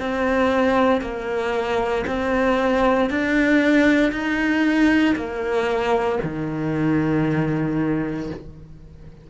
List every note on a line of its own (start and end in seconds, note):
0.00 1.02 C4
1.02 2.05 A#3
2.07 3.10 C4
3.10 4.12 D4
4.12 5.16 D#4
5.16 6.19 A#3
6.24 8.30 D#3